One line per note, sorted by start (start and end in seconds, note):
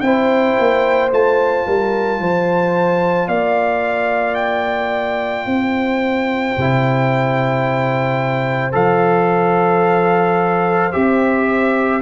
0.00 0.55 C4
0.00 1.10 E4
0.00 1.67 C5
0.00 1.09 G5
0.59 1.11 A#3
1.10 1.66 A3
1.10 6.56 F4
1.10 3.28 A5
1.67 2.20 G3
1.67 2.20 A#4
2.20 3.28 F3
2.20 3.28 C5
3.28 5.46 A#3
3.28 5.46 D5
3.28 4.35 F5
4.35 8.71 G5
5.46 6.55 C4
5.46 12.01 C5
6.57 8.74 C3
6.57 8.72 E4
8.72 10.92 F3
8.72 10.90 A4
8.72 10.92 F5
10.92 12.01 C4
10.92 12.01 G4
10.92 12.01 E5